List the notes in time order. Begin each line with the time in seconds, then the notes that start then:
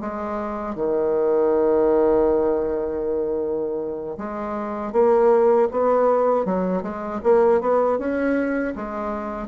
0.00 G#3
0.75 D#3
4.17 G#3
4.92 A#3
5.71 B3
6.45 F#3
6.82 G#3
7.23 A#3
7.60 B3
7.98 C#4
8.75 G#3